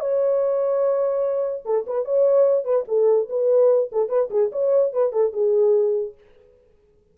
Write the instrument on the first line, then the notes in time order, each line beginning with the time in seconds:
horn
0.00 C#5
1.65 A4
1.86 B4
2.05 C#5
2.64 B4
2.88 A4
3.29 B4
3.92 A4
4.09 B4
4.30 G#4
4.52 C#5
4.93 B4
5.12 A4
5.32 G#4